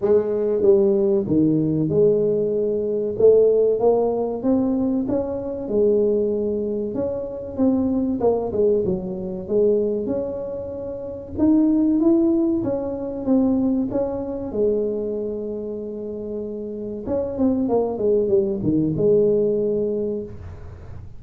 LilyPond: \new Staff \with { instrumentName = "tuba" } { \time 4/4 \tempo 4 = 95 gis4 g4 dis4 gis4~ | gis4 a4 ais4 c'4 | cis'4 gis2 cis'4 | c'4 ais8 gis8 fis4 gis4 |
cis'2 dis'4 e'4 | cis'4 c'4 cis'4 gis4~ | gis2. cis'8 c'8 | ais8 gis8 g8 dis8 gis2 | }